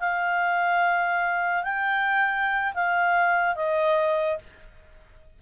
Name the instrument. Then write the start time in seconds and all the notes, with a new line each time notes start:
clarinet
0.00 F5
1.63 G5
2.74 F5
3.56 D#5